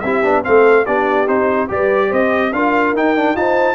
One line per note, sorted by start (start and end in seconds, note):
0.00 0.24 C4
0.00 0.23 E4
0.00 0.45 G4
0.00 0.42 E5
0.23 0.44 B3
0.23 0.43 D4
0.43 0.86 A3
0.43 0.85 C4
0.43 0.86 A4
0.43 0.86 F5
0.86 1.28 B3
0.86 1.26 D4
0.86 1.69 G4
0.86 1.27 D5
1.26 1.69 C4
1.26 1.68 D#4
1.26 1.69 C5
1.68 2.11 G3
1.68 2.51 G4
1.68 2.08 B4
1.68 2.12 D5
2.08 2.52 C4
2.08 2.49 C5
2.08 2.53 D#5
2.52 2.93 D4
2.52 2.95 F4
2.52 3.38 A#4
2.52 2.94 F5
2.93 3.34 D#4
2.93 3.16 D#4
2.93 3.36 G5
3.16 3.35 D4
3.35 3.74 D#4
3.35 3.74 F4
3.35 3.74 C5
3.35 3.74 A5